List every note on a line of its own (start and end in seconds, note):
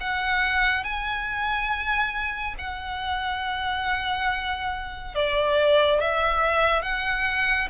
0.00 0.83 F#5
0.83 2.55 G#5
2.58 5.15 F#5
5.15 6.00 D5
6.00 6.82 E5
6.82 7.68 F#5